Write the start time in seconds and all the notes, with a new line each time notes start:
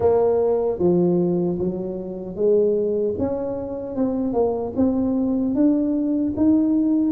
0.00 A#3
0.79 F3
1.58 F#3
2.35 G#3
3.18 C#4
3.95 C4
4.33 A#3
4.76 C4
5.54 D4
6.36 D#4